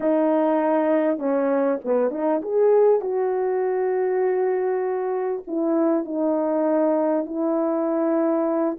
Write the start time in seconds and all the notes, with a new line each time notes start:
0.00 D#4
1.18 C#4
1.84 B3
2.10 D#4
2.41 G#4
3.00 F#4
5.47 E4
6.04 D#4
7.25 E4